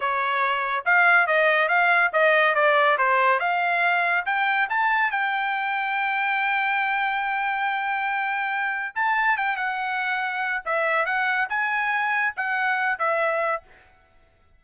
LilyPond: \new Staff \with { instrumentName = "trumpet" } { \time 4/4 \tempo 4 = 141 cis''2 f''4 dis''4 | f''4 dis''4 d''4 c''4 | f''2 g''4 a''4 | g''1~ |
g''1~ | g''4 a''4 g''8 fis''4.~ | fis''4 e''4 fis''4 gis''4~ | gis''4 fis''4. e''4. | }